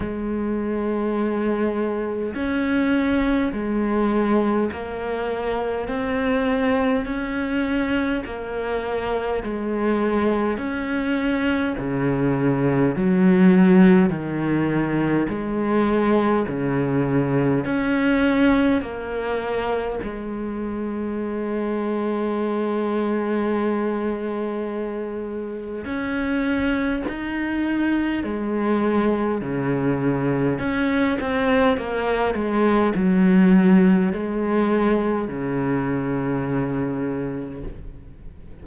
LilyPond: \new Staff \with { instrumentName = "cello" } { \time 4/4 \tempo 4 = 51 gis2 cis'4 gis4 | ais4 c'4 cis'4 ais4 | gis4 cis'4 cis4 fis4 | dis4 gis4 cis4 cis'4 |
ais4 gis2.~ | gis2 cis'4 dis'4 | gis4 cis4 cis'8 c'8 ais8 gis8 | fis4 gis4 cis2 | }